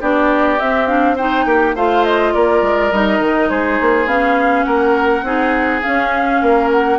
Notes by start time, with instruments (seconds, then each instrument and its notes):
0.00 bassoon B3, clarinet D4, oboe G4, flute D5
0.59 clarinet C4, bassoon C4, flute E5
0.86 clarinet D4, flute F5
1.15 clarinet D#4, oboe C5, flute G5
1.45 bassoon A#3, oboe G4
1.75 bassoon A3, clarinet F4, oboe C5, flute F5
2.04 flute D#5
2.33 bassoon A#3, oboe A#4, flute D5
2.61 bassoon G#3
2.91 bassoon G3, clarinet D#4, flute D#5
3.19 bassoon D#3
3.49 bassoon G#3, oboe G#4, flute C5
3.80 bassoon A#3
4.06 bassoon B3, clarinet C#4, flute F5
4.63 bassoon A#3, oboe A#4, flute F#5
5.22 bassoon C4, clarinet D#4, oboe G#4
5.82 clarinet C#4, bassoon C#4, flute F5
6.41 bassoon A#3, oboe A#4
6.71 flute F#5